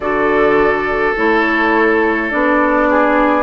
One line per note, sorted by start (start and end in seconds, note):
0.00 1.13 D3
0.00 1.16 F#4
0.00 2.89 A4
0.00 1.15 D5
1.16 2.33 A3
1.16 2.30 E4
1.16 2.31 C#5
2.30 3.43 B3
2.30 3.43 D4
2.30 3.43 D5
2.89 3.43 G#4